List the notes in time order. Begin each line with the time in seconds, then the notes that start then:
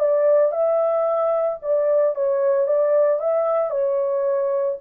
0.00 D5
0.52 E5
1.63 D5
2.16 C#5
2.68 D5
3.20 E5
3.71 C#5